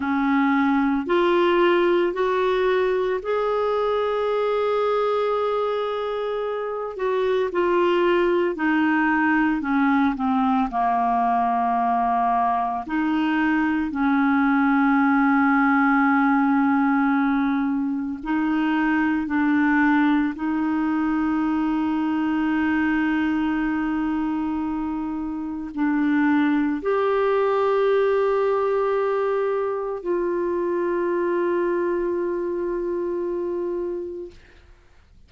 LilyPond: \new Staff \with { instrumentName = "clarinet" } { \time 4/4 \tempo 4 = 56 cis'4 f'4 fis'4 gis'4~ | gis'2~ gis'8 fis'8 f'4 | dis'4 cis'8 c'8 ais2 | dis'4 cis'2.~ |
cis'4 dis'4 d'4 dis'4~ | dis'1 | d'4 g'2. | f'1 | }